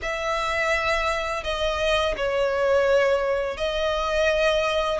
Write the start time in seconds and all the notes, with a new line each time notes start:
0.02 E5
1.43 D#5
2.16 C#5
3.57 D#5